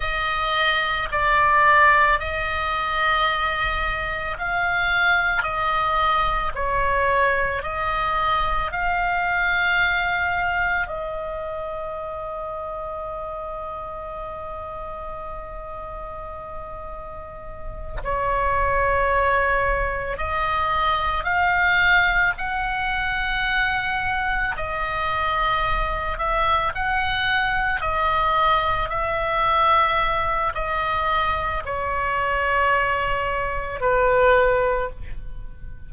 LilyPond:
\new Staff \with { instrumentName = "oboe" } { \time 4/4 \tempo 4 = 55 dis''4 d''4 dis''2 | f''4 dis''4 cis''4 dis''4 | f''2 dis''2~ | dis''1~ |
dis''8 cis''2 dis''4 f''8~ | f''8 fis''2 dis''4. | e''8 fis''4 dis''4 e''4. | dis''4 cis''2 b'4 | }